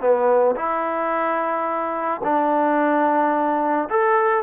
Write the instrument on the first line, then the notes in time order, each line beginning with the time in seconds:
trombone
0.00 B3
0.56 E4
2.24 D4
3.89 A4